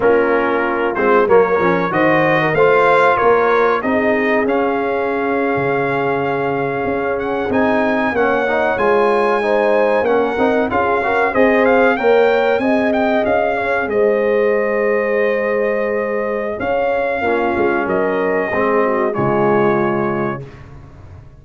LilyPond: <<
  \new Staff \with { instrumentName = "trumpet" } { \time 4/4 \tempo 4 = 94 ais'4. c''8 cis''4 dis''4 | f''4 cis''4 dis''4 f''4~ | f''2.~ f''16 fis''8 gis''16~ | gis''8. fis''4 gis''2 fis''16~ |
fis''8. f''4 dis''8 f''8 g''4 gis''16~ | gis''16 g''8 f''4 dis''2~ dis''16~ | dis''2 f''2 | dis''2 cis''2 | }
  \new Staff \with { instrumentName = "horn" } { \time 4/4 f'2 ais'4 c''8. ais'16 | c''4 ais'4 gis'2~ | gis'1~ | gis'8. cis''2 c''4 ais'16~ |
ais'8. gis'8 ais'8 c''4 cis''4 dis''16~ | dis''4~ dis''16 cis''8 c''2~ c''16~ | c''2 cis''4 f'4 | ais'4 gis'8 fis'8 f'2 | }
  \new Staff \with { instrumentName = "trombone" } { \time 4/4 cis'4. c'8 ais8 cis'8 fis'4 | f'2 dis'4 cis'4~ | cis'2.~ cis'8. dis'16~ | dis'8. cis'8 dis'8 f'4 dis'4 cis'16~ |
cis'16 dis'8 f'8 fis'8 gis'4 ais'4 gis'16~ | gis'1~ | gis'2. cis'4~ | cis'4 c'4 gis2 | }
  \new Staff \with { instrumentName = "tuba" } { \time 4/4 ais4. gis8 fis8 f8 dis4 | a4 ais4 c'4 cis'4~ | cis'8. cis2 cis'4 c'16~ | c'8. ais4 gis2 ais16~ |
ais16 c'8 cis'4 c'4 ais4 c'16~ | c'8. cis'4 gis2~ gis16~ | gis2 cis'4 ais8 gis8 | fis4 gis4 cis2 | }
>>